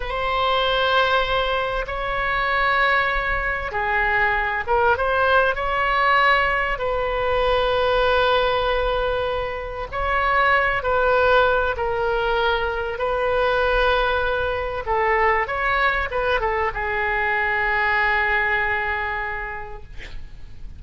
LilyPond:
\new Staff \with { instrumentName = "oboe" } { \time 4/4 \tempo 4 = 97 c''2. cis''4~ | cis''2 gis'4. ais'8 | c''4 cis''2 b'4~ | b'1 |
cis''4. b'4. ais'4~ | ais'4 b'2. | a'4 cis''4 b'8 a'8 gis'4~ | gis'1 | }